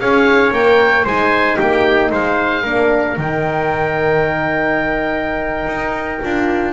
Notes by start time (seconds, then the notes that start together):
0.00 C#4 G#4 C#5 F5
0.51 A#3 A#4 G5
1.05 G#3 D#4 C5 G#5
1.57 A#3 G4 G5
2.11 G#3 C5 F5
2.62 A#3 D4 A#4
3.17 D#3 D#4 G5
5.66 D#4
6.23 D4 F4